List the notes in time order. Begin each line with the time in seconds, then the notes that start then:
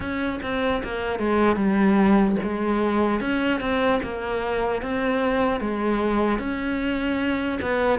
0.00 C#4
0.42 C4
0.83 A#3
1.19 G#3
1.56 G3
2.42 G#3
3.20 C#4
3.60 C4
4.03 A#3
4.81 C4
5.60 G#3
6.38 C#4
7.61 B3